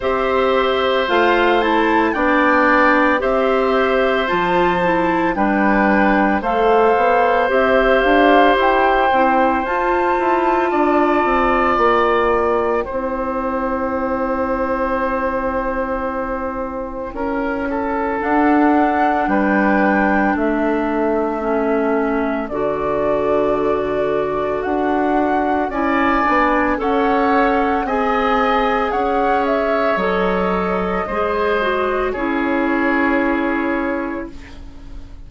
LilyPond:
<<
  \new Staff \with { instrumentName = "flute" } { \time 4/4 \tempo 4 = 56 e''4 f''8 a''8 g''4 e''4 | a''4 g''4 f''4 e''8 f''8 | g''4 a''2 g''4~ | g''1~ |
g''4 fis''4 g''4 e''4~ | e''4 d''2 fis''4 | gis''4 fis''4 gis''4 fis''8 e''8 | dis''2 cis''2 | }
  \new Staff \with { instrumentName = "oboe" } { \time 4/4 c''2 d''4 c''4~ | c''4 b'4 c''2~ | c''2 d''2 | c''1 |
ais'8 a'4. b'4 a'4~ | a'1 | d''4 cis''4 dis''4 cis''4~ | cis''4 c''4 gis'2 | }
  \new Staff \with { instrumentName = "clarinet" } { \time 4/4 g'4 f'8 e'8 d'4 g'4 | f'8 e'8 d'4 a'4 g'4~ | g'8 e'8 f'2. | e'1~ |
e'4 d'2. | cis'4 fis'2. | e'8 d'8 a'4 gis'2 | a'4 gis'8 fis'8 e'2 | }
  \new Staff \with { instrumentName = "bassoon" } { \time 4/4 c'4 a4 b4 c'4 | f4 g4 a8 b8 c'8 d'8 | e'8 c'8 f'8 e'8 d'8 c'8 ais4 | c'1 |
cis'4 d'4 g4 a4~ | a4 d2 d'4 | cis'8 b8 cis'4 c'4 cis'4 | fis4 gis4 cis'2 | }
>>